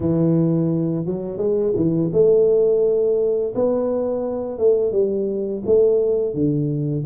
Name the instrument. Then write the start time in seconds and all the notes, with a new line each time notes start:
tuba
0.00 E3
1.05 F#3
1.37 G#3
1.75 E3
2.12 A3
3.55 B3
4.58 A3
4.92 G3
5.66 A3
6.33 D3